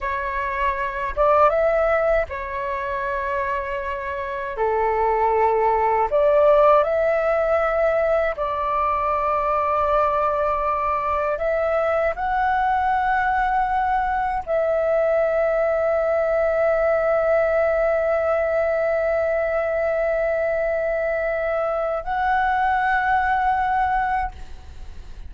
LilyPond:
\new Staff \with { instrumentName = "flute" } { \time 4/4 \tempo 4 = 79 cis''4. d''8 e''4 cis''4~ | cis''2 a'2 | d''4 e''2 d''4~ | d''2. e''4 |
fis''2. e''4~ | e''1~ | e''1~ | e''4 fis''2. | }